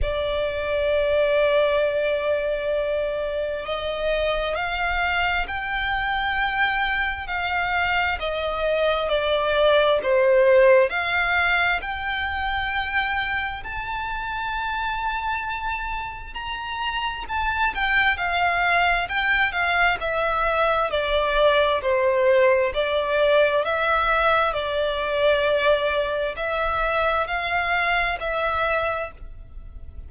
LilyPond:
\new Staff \with { instrumentName = "violin" } { \time 4/4 \tempo 4 = 66 d''1 | dis''4 f''4 g''2 | f''4 dis''4 d''4 c''4 | f''4 g''2 a''4~ |
a''2 ais''4 a''8 g''8 | f''4 g''8 f''8 e''4 d''4 | c''4 d''4 e''4 d''4~ | d''4 e''4 f''4 e''4 | }